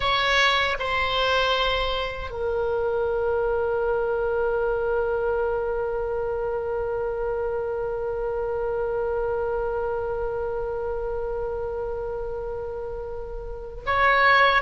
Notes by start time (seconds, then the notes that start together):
0.00 C#5
0.79 C5
2.30 A#4
13.86 C#5